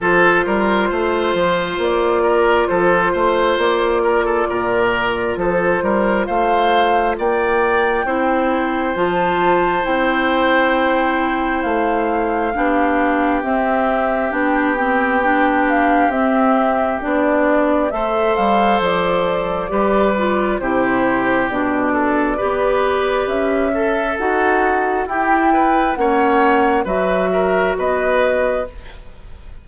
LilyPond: <<
  \new Staff \with { instrumentName = "flute" } { \time 4/4 \tempo 4 = 67 c''2 d''4 c''4 | d''2 c''4 f''4 | g''2 a''4 g''4~ | g''4 f''2 e''4 |
g''4. f''8 e''4 d''4 | e''8 f''8 d''2 c''4 | d''2 e''4 fis''4 | g''4 fis''4 e''4 dis''4 | }
  \new Staff \with { instrumentName = "oboe" } { \time 4/4 a'8 ais'8 c''4. ais'8 a'8 c''8~ | c''8 ais'16 a'16 ais'4 a'8 ais'8 c''4 | d''4 c''2.~ | c''2 g'2~ |
g'1 | c''2 b'4 g'4~ | g'8 a'8 b'4. a'4. | g'8 b'8 cis''4 b'8 ais'8 b'4 | }
  \new Staff \with { instrumentName = "clarinet" } { \time 4/4 f'1~ | f'1~ | f'4 e'4 f'4 e'4~ | e'2 d'4 c'4 |
d'8 c'8 d'4 c'4 d'4 | a'2 g'8 f'8 e'4 | d'4 g'4. a'8 fis'4 | e'4 cis'4 fis'2 | }
  \new Staff \with { instrumentName = "bassoon" } { \time 4/4 f8 g8 a8 f8 ais4 f8 a8 | ais4 ais,4 f8 g8 a4 | ais4 c'4 f4 c'4~ | c'4 a4 b4 c'4 |
b2 c'4 b4 | a8 g8 f4 g4 c4 | b,4 b4 cis'4 dis'4 | e'4 ais4 fis4 b4 | }
>>